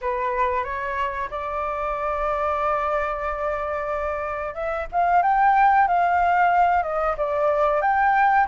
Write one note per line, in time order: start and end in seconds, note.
0.01 0.63 B4
0.63 1.29 C#5
1.30 4.54 D5
4.54 4.86 E5
4.92 5.22 F5
5.22 5.87 G5
5.87 6.82 F5
6.82 7.15 D#5
7.17 7.81 D5
7.81 8.47 G5